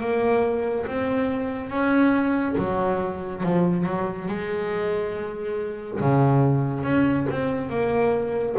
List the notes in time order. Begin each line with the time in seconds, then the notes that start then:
0.00 A#3
0.86 C4
1.69 C#4
2.58 F#3
3.43 F3
3.86 F#3
4.28 G#3
6.00 C#3
6.83 C#4
7.30 C4
7.69 A#3